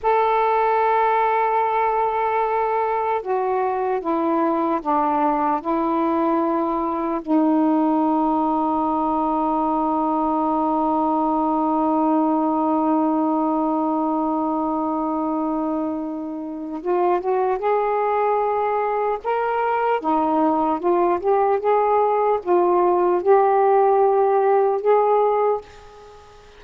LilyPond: \new Staff \with { instrumentName = "saxophone" } { \time 4/4 \tempo 4 = 75 a'1 | fis'4 e'4 d'4 e'4~ | e'4 dis'2.~ | dis'1~ |
dis'1~ | dis'4 f'8 fis'8 gis'2 | ais'4 dis'4 f'8 g'8 gis'4 | f'4 g'2 gis'4 | }